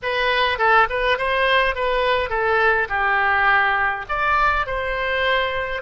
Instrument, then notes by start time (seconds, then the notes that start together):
oboe
0.02 B4
0.58 A4
0.89 B4
1.18 C5
1.75 B4
2.29 A4
2.89 G4
4.08 D5
4.66 C5